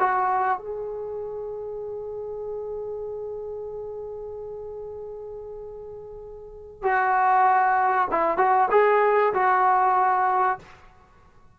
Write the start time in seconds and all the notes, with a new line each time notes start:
0.00 F#4
0.59 G#4
6.83 F#4
8.12 E4
8.38 F#4
8.71 G#4
9.34 F#4